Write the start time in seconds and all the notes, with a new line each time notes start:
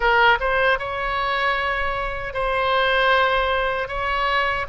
0.00 A#4
0.40 C5
0.78 C#5
2.33 C5
3.87 C#5